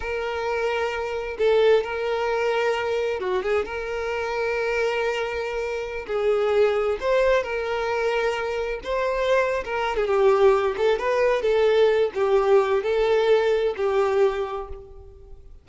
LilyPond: \new Staff \with { instrumentName = "violin" } { \time 4/4 \tempo 4 = 131 ais'2. a'4 | ais'2. fis'8 gis'8 | ais'1~ | ais'4~ ais'16 gis'2 c''8.~ |
c''16 ais'2. c''8.~ | c''4 ais'8. gis'16 g'4. a'8 | b'4 a'4. g'4. | a'2 g'2 | }